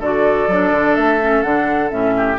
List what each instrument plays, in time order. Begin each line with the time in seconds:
0.00 bassoon D3, clarinet F#4, oboe A4, flute D5
0.48 bassoon F#3, clarinet D4
0.72 bassoon D3
0.95 bassoon A3, flute E5
1.22 clarinet C#4
1.43 bassoon D3, clarinet D4, flute F#5
1.90 bassoon A2, clarinet C#4, flute E5
2.17 oboe G4